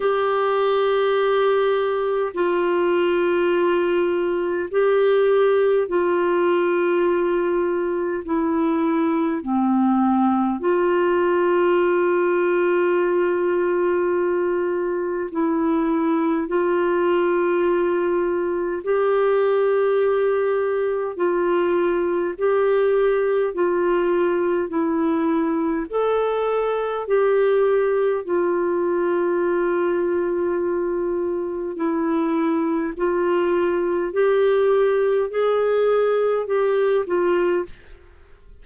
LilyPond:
\new Staff \with { instrumentName = "clarinet" } { \time 4/4 \tempo 4 = 51 g'2 f'2 | g'4 f'2 e'4 | c'4 f'2.~ | f'4 e'4 f'2 |
g'2 f'4 g'4 | f'4 e'4 a'4 g'4 | f'2. e'4 | f'4 g'4 gis'4 g'8 f'8 | }